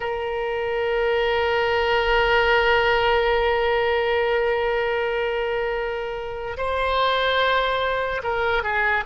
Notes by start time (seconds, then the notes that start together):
0.00 A#4
6.57 C5
8.23 A#4
8.63 G#4